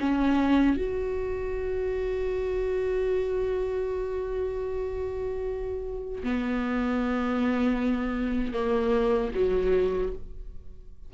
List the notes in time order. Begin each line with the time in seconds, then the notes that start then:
0.00 C#4
0.77 F#4
6.24 B3
8.54 A#3
9.35 F#3